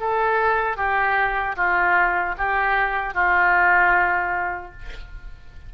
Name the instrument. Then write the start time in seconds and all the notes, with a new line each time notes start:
oboe
0.00 A4
0.77 G4
1.57 F4
2.38 G4
3.14 F4